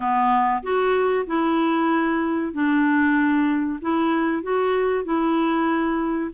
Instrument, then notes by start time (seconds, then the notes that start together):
clarinet
0.00 B3
0.62 F#4
1.26 E4
2.53 D4
3.81 E4
4.42 F#4
5.04 E4